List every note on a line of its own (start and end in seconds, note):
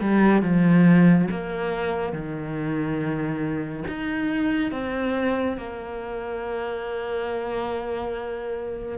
0.00 0.42 G3
0.42 1.28 F3
1.31 2.12 A#3
2.12 3.84 D#3
3.88 4.71 D#4
4.71 5.57 C4
5.57 8.98 A#3